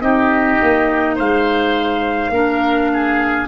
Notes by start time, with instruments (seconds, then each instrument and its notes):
0.00 tuba C4, clarinet D#4, oboe G4, trumpet D#5
0.62 tuba A#3
1.15 tuba G#3, oboe C5, trumpet F5
2.29 tuba A#3, clarinet D4, oboe A#4
2.93 oboe G#4